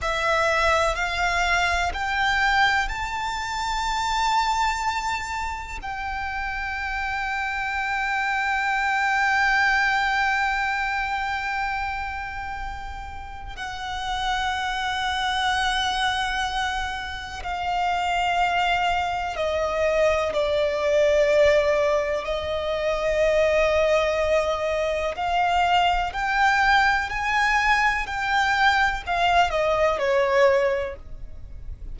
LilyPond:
\new Staff \with { instrumentName = "violin" } { \time 4/4 \tempo 4 = 62 e''4 f''4 g''4 a''4~ | a''2 g''2~ | g''1~ | g''2 fis''2~ |
fis''2 f''2 | dis''4 d''2 dis''4~ | dis''2 f''4 g''4 | gis''4 g''4 f''8 dis''8 cis''4 | }